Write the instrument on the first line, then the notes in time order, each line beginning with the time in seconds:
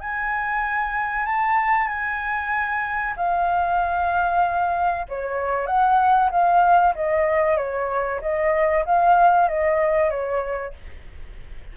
flute
0.00 G#5
1.25 A5
1.87 G#5
3.16 F5
5.08 C#5
5.66 F#5
6.31 F5
6.95 D#5
7.57 C#5
8.21 D#5
8.85 F5
9.48 D#5
10.10 C#5